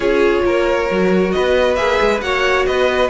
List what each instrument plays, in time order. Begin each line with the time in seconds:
0.00 cello C#4, viola F4, violin G#4 C#5
0.45 cello A#3, violin A#4
0.89 cello F#3, viola F#4
1.31 violin B4 D#5
1.37 cello B3
1.75 cello A#3, viola G#4, violin E5
2.00 cello G#3
2.21 cello A#3, viola F#4, violin C#5 F#5
2.66 cello B3, violin B4 D#5